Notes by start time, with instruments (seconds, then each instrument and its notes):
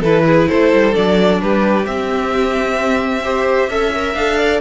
0.00 cello E3, viola E4, violin A4 B4
0.26 violin G#4
0.49 cello A3, violin A4 C5
0.73 cello G3
0.93 cello F#3, viola D4, violin D5
1.42 cello G3, violin G4 B4
1.85 viola C4, cello C4, violin E5
3.24 viola G4, violin C5
3.69 cello C#4, viola A4, violin E5
3.95 viola A#4
4.15 cello D4, viola A4, violin F5
4.39 violin D5